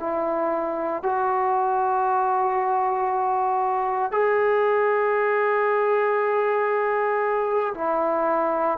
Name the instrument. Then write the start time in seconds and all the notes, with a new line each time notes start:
trombone
0.00 E4
1.03 F#4
4.12 G#4
7.75 E4